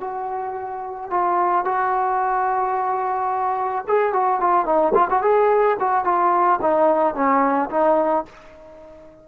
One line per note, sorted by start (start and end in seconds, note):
0.00 1.10 F#4
1.10 1.65 F4
1.65 3.85 F#4
3.87 4.13 G#4
4.13 4.40 F#4
4.40 4.65 F4
4.65 4.93 D#4
4.94 5.08 F4
5.10 5.22 F#4
5.22 5.77 G#4
5.79 6.04 F#4
6.04 6.59 F4
6.61 7.14 D#4
7.14 7.69 C#4
7.70 8.25 D#4